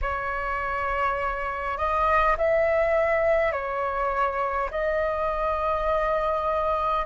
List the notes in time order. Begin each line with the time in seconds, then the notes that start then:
0.01 C#5
1.77 D#5
2.37 E5
3.52 C#5
4.71 D#5